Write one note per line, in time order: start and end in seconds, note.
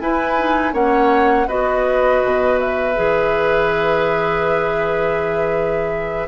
0.00 0.73 E4
0.00 0.38 E4
0.00 0.74 B4
0.00 0.74 G#5
0.38 0.73 D#4
0.73 1.48 A#3
0.73 1.47 C#4
0.73 1.48 C#5
0.73 1.48 F#5
1.48 2.23 B3
1.48 2.96 F#4
1.48 6.28 B4
1.48 2.60 D#5
2.25 2.98 B2
2.60 6.28 E5
2.96 6.28 E3
2.96 6.28 G#4